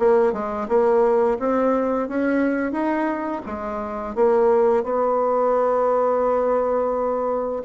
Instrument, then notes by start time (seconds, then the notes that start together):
bassoon
0.00 A#3
0.33 G#3
0.69 A#3
1.40 C4
2.09 C#4
2.72 D#4
3.47 G#3
4.16 A#3
4.84 B3